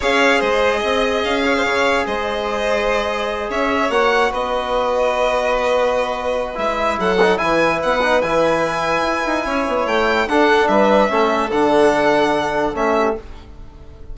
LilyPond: <<
  \new Staff \with { instrumentName = "violin" } { \time 4/4 \tempo 4 = 146 f''4 dis''2 f''4~ | f''4 dis''2.~ | dis''8 e''4 fis''4 dis''4.~ | dis''1 |
e''4 fis''4 gis''4 fis''4 | gis''1 | g''4 fis''4 e''2 | fis''2. e''4 | }
  \new Staff \with { instrumentName = "violin" } { \time 4/4 cis''4 c''4 dis''4. cis''16 c''16 | cis''4 c''2.~ | c''8 cis''2 b'4.~ | b'1~ |
b'4 a'4 b'2~ | b'2. cis''4~ | cis''4 a'4 b'4 a'4~ | a'2.~ a'8 g'8 | }
  \new Staff \with { instrumentName = "trombone" } { \time 4/4 gis'1~ | gis'1~ | gis'4. fis'2~ fis'8~ | fis'1 |
e'4. dis'8 e'4. dis'8 | e'1~ | e'4 d'2 cis'4 | d'2. cis'4 | }
  \new Staff \with { instrumentName = "bassoon" } { \time 4/4 cis'4 gis4 c'4 cis'4 | cis4 gis2.~ | gis8 cis'4 ais4 b4.~ | b1 |
gis4 fis4 e4 b4 | e2 e'8 dis'8 cis'8 b8 | a4 d'4 g4 a4 | d2. a4 | }
>>